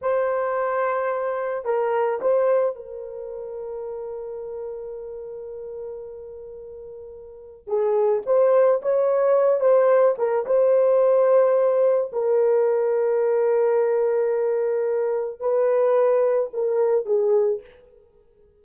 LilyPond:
\new Staff \with { instrumentName = "horn" } { \time 4/4 \tempo 4 = 109 c''2. ais'4 | c''4 ais'2.~ | ais'1~ | ais'2 gis'4 c''4 |
cis''4. c''4 ais'8 c''4~ | c''2 ais'2~ | ais'1 | b'2 ais'4 gis'4 | }